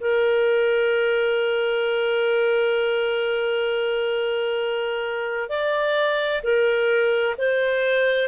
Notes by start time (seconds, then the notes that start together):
0.00 A#4
5.49 D5
6.43 A#4
7.38 C5